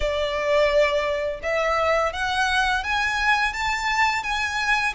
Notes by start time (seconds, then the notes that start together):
0.00 D5
1.42 E5
2.12 F#5
2.83 G#5
3.53 A5
4.23 G#5